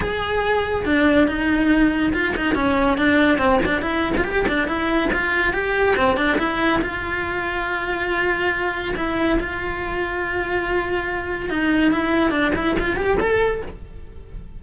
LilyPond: \new Staff \with { instrumentName = "cello" } { \time 4/4 \tempo 4 = 141 gis'2 d'4 dis'4~ | dis'4 f'8 dis'8 cis'4 d'4 | c'8 d'8 e'8. f'16 g'8 d'8 e'4 | f'4 g'4 c'8 d'8 e'4 |
f'1~ | f'4 e'4 f'2~ | f'2. dis'4 | e'4 d'8 e'8 f'8 g'8 a'4 | }